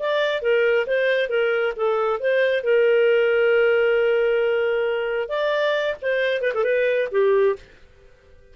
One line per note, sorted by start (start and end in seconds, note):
0.00 0.42 D5
0.42 0.87 A#4
0.87 1.29 C5
1.29 1.74 A#4
1.77 2.20 A4
2.20 2.64 C5
2.64 5.29 A#4
5.29 5.96 D5
6.02 6.42 C5
6.42 6.53 B4
6.55 6.64 A4
6.64 7.08 B4
7.12 7.56 G4